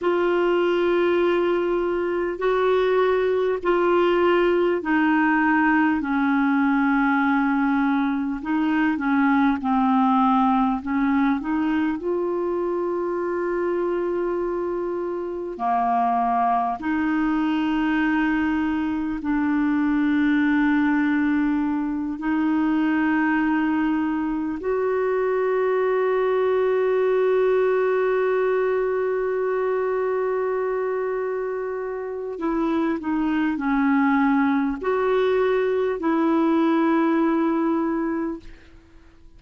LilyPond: \new Staff \with { instrumentName = "clarinet" } { \time 4/4 \tempo 4 = 50 f'2 fis'4 f'4 | dis'4 cis'2 dis'8 cis'8 | c'4 cis'8 dis'8 f'2~ | f'4 ais4 dis'2 |
d'2~ d'8 dis'4.~ | dis'8 fis'2.~ fis'8~ | fis'2. e'8 dis'8 | cis'4 fis'4 e'2 | }